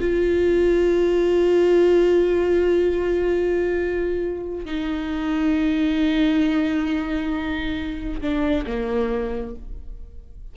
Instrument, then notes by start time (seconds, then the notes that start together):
viola
0.00 F4
4.65 D#4
8.21 D4
8.66 A#3